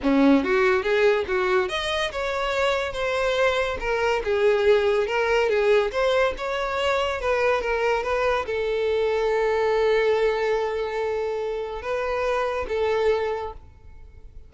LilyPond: \new Staff \with { instrumentName = "violin" } { \time 4/4 \tempo 4 = 142 cis'4 fis'4 gis'4 fis'4 | dis''4 cis''2 c''4~ | c''4 ais'4 gis'2 | ais'4 gis'4 c''4 cis''4~ |
cis''4 b'4 ais'4 b'4 | a'1~ | a'1 | b'2 a'2 | }